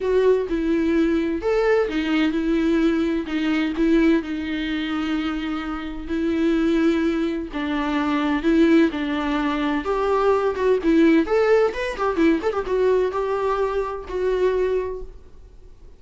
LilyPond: \new Staff \with { instrumentName = "viola" } { \time 4/4 \tempo 4 = 128 fis'4 e'2 a'4 | dis'4 e'2 dis'4 | e'4 dis'2.~ | dis'4 e'2. |
d'2 e'4 d'4~ | d'4 g'4. fis'8 e'4 | a'4 b'8 g'8 e'8 a'16 g'16 fis'4 | g'2 fis'2 | }